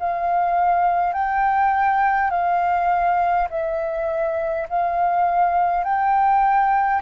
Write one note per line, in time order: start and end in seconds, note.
0.00 1.13 F5
1.13 2.30 G5
2.30 3.48 F5
3.50 4.68 E5
4.70 5.84 F5
5.84 7.02 G5